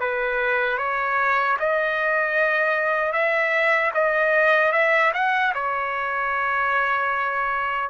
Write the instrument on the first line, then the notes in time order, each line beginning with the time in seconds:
trumpet
0.00 B4
0.78 C#5
1.59 D#5
3.12 E5
3.94 D#5
4.72 E5
5.14 F#5
5.54 C#5